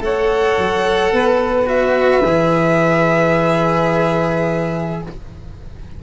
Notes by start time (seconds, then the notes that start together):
0.00 A3 A4 C#5 F#5
0.57 F#3
1.12 B3 B4
1.65 F#4 E5
2.23 E3 G#4